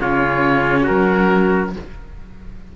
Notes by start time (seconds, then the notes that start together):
0.00 C#3 C#4 F4 C#5
0.83 F#4 A#4
0.89 F#3